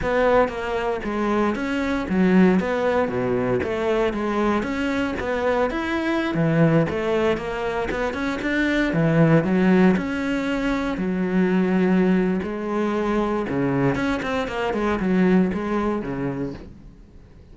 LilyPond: \new Staff \with { instrumentName = "cello" } { \time 4/4 \tempo 4 = 116 b4 ais4 gis4 cis'4 | fis4 b4 b,4 a4 | gis4 cis'4 b4 e'4~ | e'16 e4 a4 ais4 b8 cis'16~ |
cis'16 d'4 e4 fis4 cis'8.~ | cis'4~ cis'16 fis2~ fis8. | gis2 cis4 cis'8 c'8 | ais8 gis8 fis4 gis4 cis4 | }